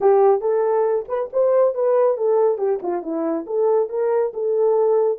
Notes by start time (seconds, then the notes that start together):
0.00 G4
0.40 A4
1.08 B4
1.32 C5
1.74 B4
2.17 A4
2.58 G4
2.82 F4
3.02 E4
3.46 A4
3.89 A#4
4.33 A4